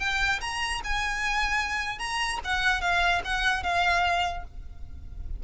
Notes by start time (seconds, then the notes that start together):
0.00 G5
0.41 A#5
0.84 G#5
1.99 A#5
2.45 F#5
2.82 F5
3.25 F#5
3.63 F5